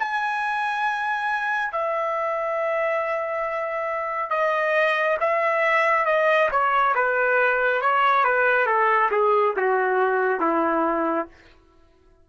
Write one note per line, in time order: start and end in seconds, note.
0.00 1.72 G#5
1.72 4.31 E5
4.31 5.18 D#5
5.21 6.06 E5
6.06 6.49 D#5
6.51 6.95 C#5
6.95 7.82 B4
7.82 8.25 C#5
8.25 8.67 B4
8.67 9.10 A4
9.11 9.55 G#4
9.57 10.41 F#4
10.41 11.28 E4